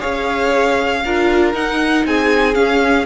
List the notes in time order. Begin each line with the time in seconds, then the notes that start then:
0.00 C#4 G#4 C#5 F5
1.05 D4 F4 A#4
1.54 D#4 F#5
2.05 C4 G#4 G#5
2.54 C#4 F5